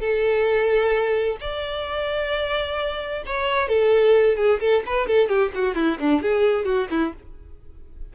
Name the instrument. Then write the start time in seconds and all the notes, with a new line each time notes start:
violin
0.00 A4
1.41 D5
3.26 C#5
3.68 A4
4.37 G#4
4.60 A4
4.86 B4
5.07 A4
5.29 G4
5.55 F#4
5.75 E4
6.00 D4
6.22 G#4
6.65 F#4
6.91 E4